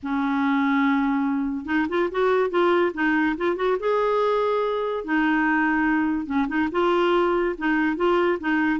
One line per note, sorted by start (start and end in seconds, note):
0.02 1.65 C#4
1.65 1.86 D#4
1.88 2.09 F4
2.11 2.50 F#4
2.50 2.92 F4
2.94 3.35 D#4
3.37 3.56 F4
3.56 3.77 F#4
3.79 5.04 G#4
5.04 6.26 D#4
6.26 6.47 C#4
6.47 6.68 D#4
6.71 7.55 F4
7.58 7.96 D#4
7.96 8.38 F4
8.40 8.80 D#4